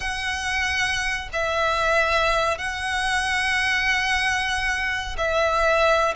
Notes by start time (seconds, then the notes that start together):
0.00 F#5
1.32 E5
2.58 F#5
5.17 E5